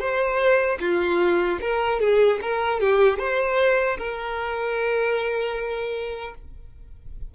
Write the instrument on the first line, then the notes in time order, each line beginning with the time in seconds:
violin
0.00 C5
0.80 F4
1.61 A#4
2.01 G#4
2.42 A#4
2.81 G4
3.19 C5
3.98 A#4